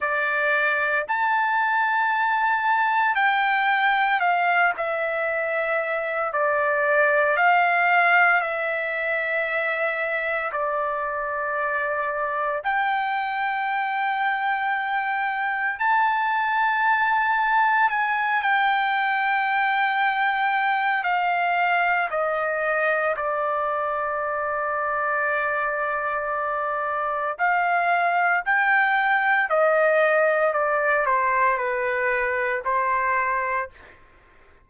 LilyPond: \new Staff \with { instrumentName = "trumpet" } { \time 4/4 \tempo 4 = 57 d''4 a''2 g''4 | f''8 e''4. d''4 f''4 | e''2 d''2 | g''2. a''4~ |
a''4 gis''8 g''2~ g''8 | f''4 dis''4 d''2~ | d''2 f''4 g''4 | dis''4 d''8 c''8 b'4 c''4 | }